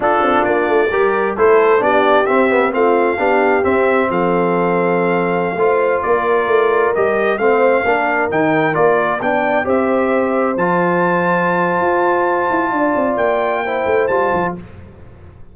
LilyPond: <<
  \new Staff \with { instrumentName = "trumpet" } { \time 4/4 \tempo 4 = 132 a'4 d''2 c''4 | d''4 e''4 f''2 | e''4 f''2.~ | f''4~ f''16 d''2 dis''8.~ |
dis''16 f''2 g''4 d''8.~ | d''16 g''4 e''2 a''8.~ | a''1~ | a''4 g''2 a''4 | }
  \new Staff \with { instrumentName = "horn" } { \time 4/4 f'2 ais'4 a'4 | g'2 f'4 g'4~ | g'4 a'2.~ | a'16 c''4 ais'2~ ais'8.~ |
ais'16 c''4 ais'2~ ais'8.~ | ais'16 d''4 c''2~ c''8.~ | c''1 | d''2 c''2 | }
  \new Staff \with { instrumentName = "trombone" } { \time 4/4 d'2 g'4 e'4 | d'4 c'8 b8 c'4 d'4 | c'1~ | c'16 f'2. g'8.~ |
g'16 c'4 d'4 dis'4 f'8.~ | f'16 d'4 g'2 f'8.~ | f'1~ | f'2 e'4 f'4 | }
  \new Staff \with { instrumentName = "tuba" } { \time 4/4 d'8 c'8 ais8 a8 g4 a4 | b4 c'4 a4 b4 | c'4 f2.~ | f16 a4 ais4 a4 g8.~ |
g16 a4 ais4 dis4 ais8.~ | ais16 b4 c'2 f8.~ | f2 f'4. e'8 | d'8 c'8 ais4. a8 g8 f8 | }
>>